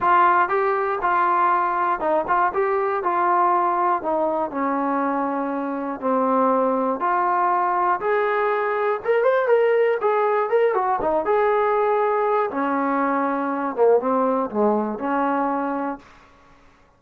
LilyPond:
\new Staff \with { instrumentName = "trombone" } { \time 4/4 \tempo 4 = 120 f'4 g'4 f'2 | dis'8 f'8 g'4 f'2 | dis'4 cis'2. | c'2 f'2 |
gis'2 ais'8 c''8 ais'4 | gis'4 ais'8 fis'8 dis'8 gis'4.~ | gis'4 cis'2~ cis'8 ais8 | c'4 gis4 cis'2 | }